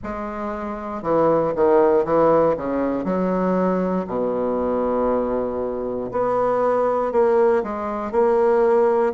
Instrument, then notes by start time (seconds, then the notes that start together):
bassoon
0.03 G#3
1.02 E3
1.55 D#3
2.04 E3
2.57 C#3
3.04 F#3
4.07 B2
6.11 B3
7.12 A#3
7.63 G#3
8.11 A#3